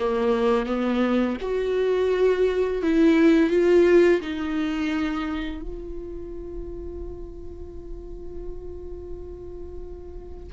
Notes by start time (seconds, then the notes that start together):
0.00 A#3
0.66 B3
1.41 F#4
2.83 E4
3.50 F4
4.22 D#4
5.61 F4